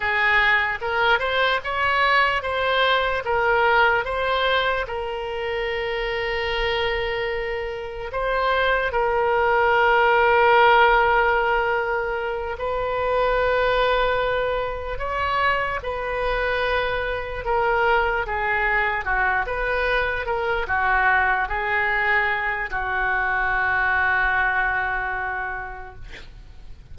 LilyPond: \new Staff \with { instrumentName = "oboe" } { \time 4/4 \tempo 4 = 74 gis'4 ais'8 c''8 cis''4 c''4 | ais'4 c''4 ais'2~ | ais'2 c''4 ais'4~ | ais'2.~ ais'8 b'8~ |
b'2~ b'8 cis''4 b'8~ | b'4. ais'4 gis'4 fis'8 | b'4 ais'8 fis'4 gis'4. | fis'1 | }